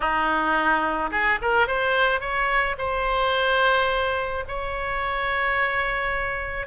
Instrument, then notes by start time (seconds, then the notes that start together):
oboe
0.00 D#4
1.11 G#4
1.41 A#4
1.67 C5
2.20 C#5
2.78 C5
4.47 C#5